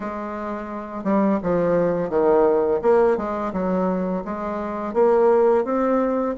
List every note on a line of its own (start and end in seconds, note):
0.00 1.04 G#3
1.04 1.39 G3
1.42 2.09 F3
2.09 2.80 D#3
2.82 3.17 A#3
3.17 3.52 G#3
3.52 4.23 F#3
4.24 4.93 G#3
4.93 5.64 A#3
5.64 6.35 C4